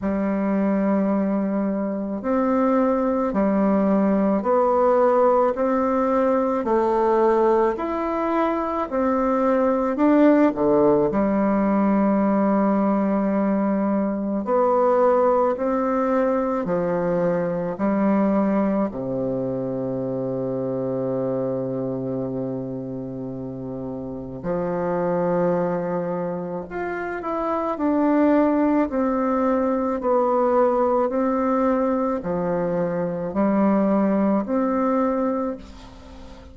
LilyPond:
\new Staff \with { instrumentName = "bassoon" } { \time 4/4 \tempo 4 = 54 g2 c'4 g4 | b4 c'4 a4 e'4 | c'4 d'8 d8 g2~ | g4 b4 c'4 f4 |
g4 c2.~ | c2 f2 | f'8 e'8 d'4 c'4 b4 | c'4 f4 g4 c'4 | }